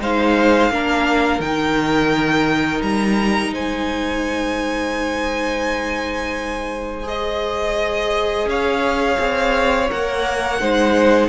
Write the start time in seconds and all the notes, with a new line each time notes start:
0.00 G#3 D#4 C5 F5
0.70 A#3 D4 A#4
1.40 D#3 D#4 G5
2.81 G3 A#5
3.52 G#3 C5 G#5
7.03 G#4 D#5
8.46 C#4 C#5 F5
9.19 C4
9.90 A#3 A#4 F#5
10.60 G#3 D#4 C5